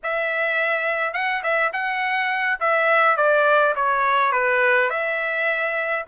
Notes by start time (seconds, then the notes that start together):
0.03 E5
1.13 F#5
1.43 E5
1.72 F#5
2.60 E5
3.16 D5
3.75 C#5
4.32 B4
4.90 E5